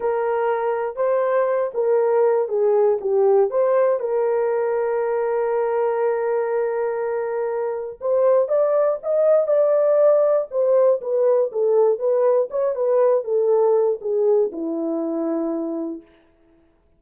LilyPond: \new Staff \with { instrumentName = "horn" } { \time 4/4 \tempo 4 = 120 ais'2 c''4. ais'8~ | ais'4 gis'4 g'4 c''4 | ais'1~ | ais'1 |
c''4 d''4 dis''4 d''4~ | d''4 c''4 b'4 a'4 | b'4 cis''8 b'4 a'4. | gis'4 e'2. | }